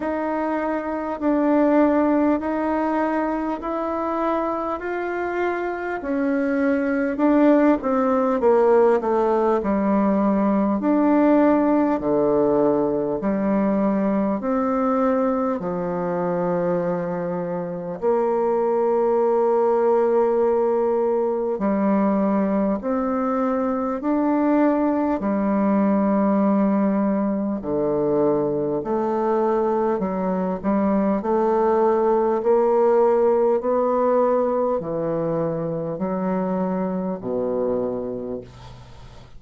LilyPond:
\new Staff \with { instrumentName = "bassoon" } { \time 4/4 \tempo 4 = 50 dis'4 d'4 dis'4 e'4 | f'4 cis'4 d'8 c'8 ais8 a8 | g4 d'4 d4 g4 | c'4 f2 ais4~ |
ais2 g4 c'4 | d'4 g2 d4 | a4 fis8 g8 a4 ais4 | b4 e4 fis4 b,4 | }